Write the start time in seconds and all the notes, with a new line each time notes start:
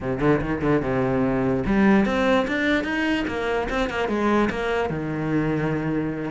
0.00 C3
0.19 D3
0.41 D#3
0.61 D3
0.82 C3
1.65 G3
2.05 C4
2.47 D4
2.83 D#4
3.27 A#3
3.69 C4
3.89 A#3
4.08 G#3
4.50 A#3
4.89 D#3